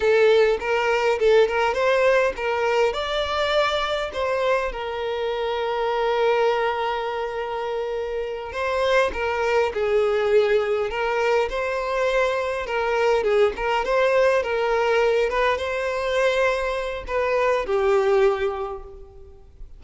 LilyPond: \new Staff \with { instrumentName = "violin" } { \time 4/4 \tempo 4 = 102 a'4 ais'4 a'8 ais'8 c''4 | ais'4 d''2 c''4 | ais'1~ | ais'2~ ais'8 c''4 ais'8~ |
ais'8 gis'2 ais'4 c''8~ | c''4. ais'4 gis'8 ais'8 c''8~ | c''8 ais'4. b'8 c''4.~ | c''4 b'4 g'2 | }